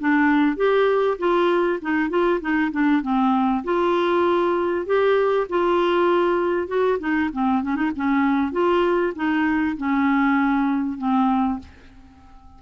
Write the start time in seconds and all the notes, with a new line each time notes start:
0.00 D4
0.56 G4
1.18 F4
1.82 D#4
2.10 F4
2.41 D#4
2.72 D4
3.02 C4
3.64 F4
4.86 G4
5.49 F4
6.68 F#4
6.99 D#4
7.33 C4
7.63 C#4
7.76 D#4
7.96 C#4
8.52 F4
9.16 D#4
9.77 C#4
10.98 C4